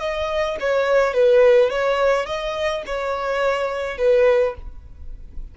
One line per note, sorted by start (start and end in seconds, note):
0.00 0.57 D#5
0.60 1.14 C#5
1.14 1.70 B4
1.70 2.26 C#5
2.26 2.83 D#5
2.86 3.98 C#5
3.98 4.55 B4